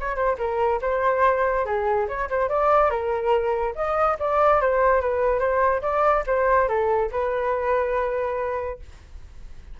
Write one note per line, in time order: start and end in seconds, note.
0.00 0.16 C#5
0.16 0.37 C5
0.38 0.80 A#4
0.82 1.66 C5
1.66 2.08 G#4
2.08 2.29 C#5
2.30 2.49 C5
2.49 2.90 D5
2.90 3.74 A#4
3.75 4.17 D#5
4.19 4.61 D5
4.61 5.01 C5
5.01 5.39 B4
5.39 5.81 C5
5.82 6.24 D5
6.27 6.68 C5
6.68 7.10 A4
7.12 8.79 B4